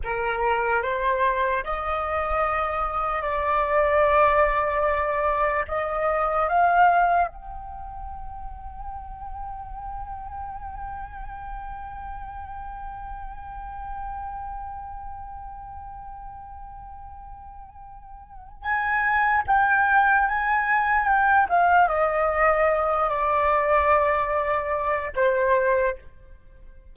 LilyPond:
\new Staff \with { instrumentName = "flute" } { \time 4/4 \tempo 4 = 74 ais'4 c''4 dis''2 | d''2. dis''4 | f''4 g''2.~ | g''1~ |
g''1~ | g''2. gis''4 | g''4 gis''4 g''8 f''8 dis''4~ | dis''8 d''2~ d''8 c''4 | }